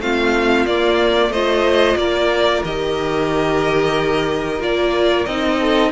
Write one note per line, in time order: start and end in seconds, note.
0.00 0.66 A3
0.00 0.67 C4
0.00 1.32 F4
0.00 0.66 F5
0.66 1.29 A#3
0.66 1.34 A#3
0.66 1.32 D5
1.29 1.95 A3
1.29 2.65 F4
1.29 1.98 C5
1.29 1.97 D#5
1.96 2.62 A#3
1.96 5.59 A#4
1.96 2.63 D5
2.64 4.59 D#3
2.64 4.60 G4
2.64 4.62 D#5
4.59 5.25 A#3
4.59 5.26 F4
4.59 5.26 D5
5.26 5.92 C4
5.26 5.92 D#4
5.26 5.92 D#5
5.59 5.92 A4